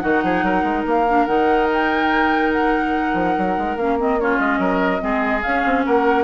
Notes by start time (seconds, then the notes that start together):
0.00 D#3 D#4 F#4 F#5
0.23 F3 G#4
0.43 F#3 A#4
0.63 G#3
0.86 A#3 F5
1.08 D4
1.26 D#3 D#4 F#5
1.73 G5
2.52 F#5
3.13 F3
3.38 F#3
3.58 G#3
3.76 A#3 C#4 F5
3.98 C4 D#5
4.20 C#4 F4 C#5
4.39 G#3 D#5
4.58 F#3 A#4
4.99 G#3 C4 G#4
5.42 C#4 F5
5.65 C4
5.86 A#3 A#4 F#5